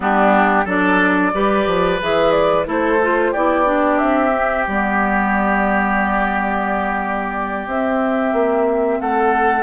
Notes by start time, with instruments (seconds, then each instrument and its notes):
0.00 bassoon G3, clarinet B3, oboe D4, flute G4
0.65 bassoon F#3, clarinet D4, oboe A4, flute D5
1.33 bassoon G3, clarinet G4, oboe B4
1.67 bassoon F3
2.01 bassoon E3, clarinet G#4, flute E5
2.31 flute D5
2.64 bassoon A3, clarinet E4, oboe A4
2.70 flute C5
3.02 clarinet F4
3.31 bassoon B3, clarinet E4, oboe G4, flute D5
3.64 clarinet D4
3.97 bassoon C4, flute E5
4.35 clarinet C4
4.66 bassoon G3, clarinet B3, flute D5
7.66 bassoon C4, clarinet C4, flute E5
8.32 bassoon A#3
9.00 bassoon A3, oboe A4, flute F#5